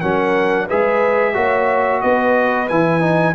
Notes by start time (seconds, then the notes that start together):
0.00 F#3 C#4 A#4 F#5
0.66 G#4 B4 E5
0.73 G#3
1.33 A#3 F#4 C#5
2.01 B3 B4 D#5
2.68 E3 E4 G#5
3.00 D#4